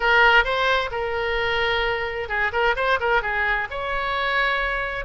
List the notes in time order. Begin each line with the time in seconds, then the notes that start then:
0.00 A#4
0.44 C5
0.91 A#4
2.28 G#4
2.52 A#4
2.76 C5
2.99 A#4
3.22 G#4
3.70 C#5